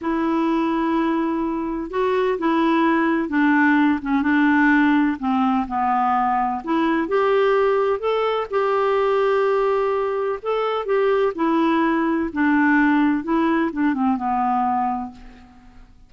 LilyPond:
\new Staff \with { instrumentName = "clarinet" } { \time 4/4 \tempo 4 = 127 e'1 | fis'4 e'2 d'4~ | d'8 cis'8 d'2 c'4 | b2 e'4 g'4~ |
g'4 a'4 g'2~ | g'2 a'4 g'4 | e'2 d'2 | e'4 d'8 c'8 b2 | }